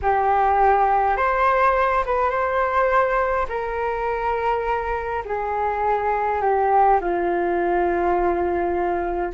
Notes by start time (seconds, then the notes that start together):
0.02 G4
1.17 C5
2.05 B4
2.30 C5
3.48 A#4
5.25 G#4
6.41 G4
7.00 F4